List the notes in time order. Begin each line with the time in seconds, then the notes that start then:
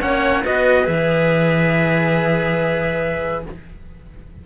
0.00 A#3 C#4 C#5 F#5
0.44 B3 F#4 B4 D#5
0.83 E3 G#4 E5